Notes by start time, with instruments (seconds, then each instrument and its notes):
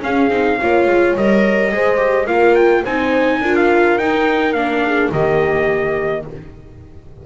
0.00 viola C#4, double bass C#4, horn G#4, trumpet F5
0.29 double bass C4, viola D#4
0.61 double bass A#3, viola F4, horn C#5
0.86 double bass G#3
1.16 double bass G3, viola A#4, trumpet D#5
1.72 double bass G#3, viola G#4, horn C5
1.96 viola G4
2.26 double bass A#3, viola F4, horn A#4, trumpet F5
2.55 trumpet G5
2.83 double bass C4, viola D#4, horn C5, trumpet G#5
3.41 double bass D4, viola F4, horn A#4
3.56 trumpet F5
3.98 double bass D#4, viola D#4, trumpet G5
4.53 double bass A#3, viola D4, trumpet F5
4.85 horn G#4
5.11 double bass D#3, viola A#3, horn G4, trumpet D#5